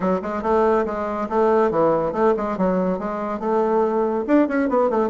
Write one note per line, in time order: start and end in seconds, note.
0.00 0.20 F#3
0.22 0.42 G#3
0.42 0.85 A3
0.85 1.28 G#3
1.29 1.70 A3
1.70 2.12 E3
2.12 2.33 A3
2.36 2.57 G#3
2.57 2.98 F#3
2.98 3.39 G#3
3.39 4.24 A3
4.27 4.47 D4
4.47 4.69 C#4
4.69 4.90 B3
4.90 5.09 A3